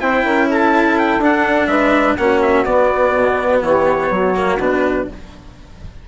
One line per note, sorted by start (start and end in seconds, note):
0.00 0.24 C4
0.00 1.21 E4
0.00 0.24 C5
0.00 0.48 G5
0.24 1.19 C#4
0.24 0.48 A#4
0.49 1.68 A4
0.49 0.98 A5
0.98 1.22 G5
1.19 1.67 D4
1.19 2.19 D4
1.19 1.67 F#5
1.67 2.16 G#3
1.67 2.17 B4
1.67 2.16 E5
2.17 2.65 A#3
2.17 2.66 C#4
2.17 3.64 F#4
2.17 2.41 F#5
2.42 2.65 E5
2.65 3.14 B3
2.65 4.35 B3
2.65 3.62 D5
3.15 3.62 B2
3.62 4.10 E3
3.62 4.12 G4
3.62 4.60 C#5
4.10 4.59 F#3
4.10 5.09 F#4
4.35 4.59 A#3
4.59 5.08 B2
4.59 5.08 D4
4.59 5.08 B4